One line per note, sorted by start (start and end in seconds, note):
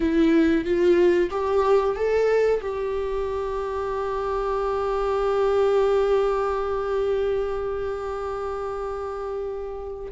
0.00 0.64 E4
0.64 1.30 F4
1.30 1.95 G4
1.95 2.61 A4
2.61 10.11 G4